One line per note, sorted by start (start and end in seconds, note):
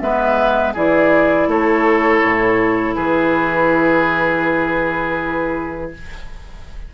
0.00 0.75 G#3
0.00 0.75 B3
0.00 0.73 B4
0.00 0.74 E5
0.73 1.47 E3
0.73 5.94 E4
0.73 1.47 G#4
0.73 1.50 D5
1.47 2.21 A3
1.47 2.95 A4
1.47 2.95 C#5
2.22 2.96 A2
2.95 5.93 E3
2.95 5.91 G#4
2.95 5.91 B4